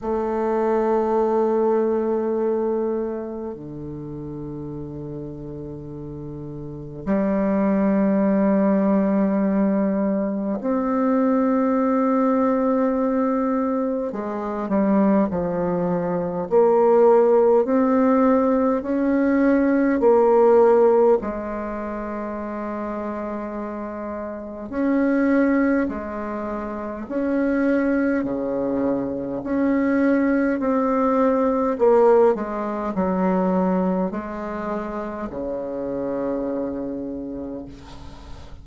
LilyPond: \new Staff \with { instrumentName = "bassoon" } { \time 4/4 \tempo 4 = 51 a2. d4~ | d2 g2~ | g4 c'2. | gis8 g8 f4 ais4 c'4 |
cis'4 ais4 gis2~ | gis4 cis'4 gis4 cis'4 | cis4 cis'4 c'4 ais8 gis8 | fis4 gis4 cis2 | }